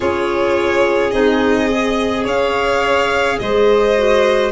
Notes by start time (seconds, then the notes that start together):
0.00 C#4 F4 G#4 C#5
1.10 C4 D#4 D#5
1.71 G#4
2.24 C#4 C#5 F5
3.38 G#3 C5 D#5
3.97 F#4